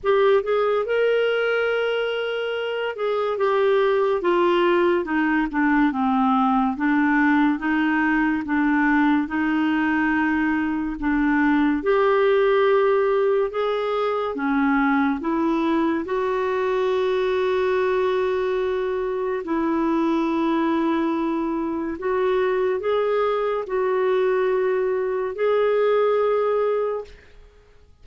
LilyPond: \new Staff \with { instrumentName = "clarinet" } { \time 4/4 \tempo 4 = 71 g'8 gis'8 ais'2~ ais'8 gis'8 | g'4 f'4 dis'8 d'8 c'4 | d'4 dis'4 d'4 dis'4~ | dis'4 d'4 g'2 |
gis'4 cis'4 e'4 fis'4~ | fis'2. e'4~ | e'2 fis'4 gis'4 | fis'2 gis'2 | }